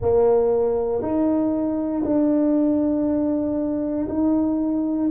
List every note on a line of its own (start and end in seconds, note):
0.01 1.02 A#3
1.02 2.03 D#4
2.04 4.07 D4
4.08 5.10 D#4